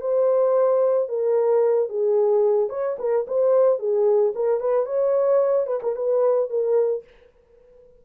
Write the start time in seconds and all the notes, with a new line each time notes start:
0.00 C5
1.08 A#4
1.88 G#4
2.69 C#5
2.98 A#4
3.27 C5
3.78 G#4
4.34 A#4
4.60 B4
4.85 C#5
5.66 B4
5.82 A#4
5.96 B4
6.49 A#4